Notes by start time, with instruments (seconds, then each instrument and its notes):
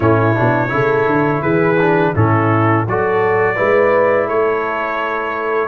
0.00 tuba A2, trombone C#4, horn E4, trumpet C#5
0.35 tuba B2, trombone D4
0.68 tuba C#3, trombone E4, horn A4
1.06 tuba D3
1.42 tuba E3, horn G#4, trumpet B4
1.80 trombone D4
2.14 tuba A2, trombone C#4, horn E4, trumpet A4
2.86 tuba F#3, trombone F#4, horn A4, trumpet D5
3.55 tuba G#3, trombone E4, horn B4
4.26 tuba A3, horn A4, trumpet C#5